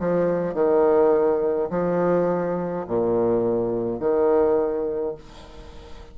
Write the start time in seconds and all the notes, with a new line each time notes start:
0.00 F3
0.55 D#3
1.70 F3
2.88 A#2
4.00 D#3